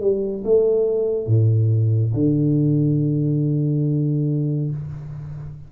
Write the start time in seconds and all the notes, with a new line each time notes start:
0.00 G3
0.44 A3
1.27 A2
2.14 D3